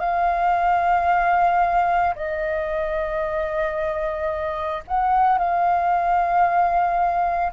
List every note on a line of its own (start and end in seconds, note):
0.00 2.14 F5
2.16 4.84 D#5
4.87 5.38 F#5
5.38 7.52 F5